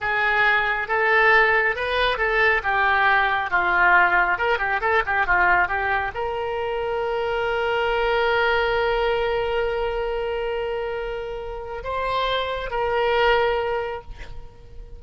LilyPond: \new Staff \with { instrumentName = "oboe" } { \time 4/4 \tempo 4 = 137 gis'2 a'2 | b'4 a'4 g'2 | f'2 ais'8 g'8 a'8 g'8 | f'4 g'4 ais'2~ |
ais'1~ | ais'1~ | ais'2. c''4~ | c''4 ais'2. | }